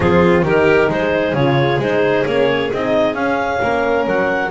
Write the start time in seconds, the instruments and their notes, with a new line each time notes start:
0.00 double bass F3, horn C4, violin F4, clarinet G#4
0.42 double bass D#3, horn D#4, violin G4, clarinet A#4
0.88 double bass G#3, violin G#4, clarinet C5
1.32 double bass C#3, horn F4, clarinet C#5
1.78 double bass G#3, horn D#4, clarinet C5
2.26 double bass A#3, horn C#4, clarinet C#5
2.72 double bass C4, horn D#4, clarinet D#5
3.14 double bass C#4, horn C#4, clarinet F5
3.61 double bass A#3, violin A#4
4.06 double bass F#3, clarinet F#5